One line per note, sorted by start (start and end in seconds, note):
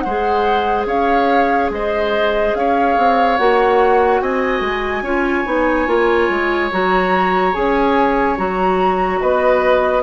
0.00 0.85 G#3
0.00 0.87 C5
0.00 0.83 F#5
0.07 3.39 G#4
0.85 1.69 C#4
0.85 1.71 C#5
0.85 1.70 F5
1.70 2.53 G#3
1.70 2.57 C5
1.70 2.55 D#5
2.54 2.96 C#4
2.54 4.22 C#5
2.54 3.38 F5
2.97 3.39 C4
3.38 4.21 A#3
3.38 5.05 F#4
3.38 4.21 F#5
4.21 4.60 C4
4.21 5.03 D#5
4.21 6.71 G#5
4.60 5.02 G#3
5.02 5.44 C#4
5.02 5.45 F4
5.02 9.20 C#5
5.45 5.87 B3
5.45 5.87 D#4
5.87 6.29 A#3
5.87 6.70 F4
6.29 6.71 G#3
6.71 7.55 F#3
6.71 7.53 F#4
6.71 7.54 A#5
7.53 8.38 C#4
7.53 8.36 G#4
7.53 8.37 G#5
8.37 9.21 F#3
8.37 10.02 F#4
8.37 9.21 A#5
9.21 10.02 B3
9.21 10.02 B4
9.21 10.02 D#5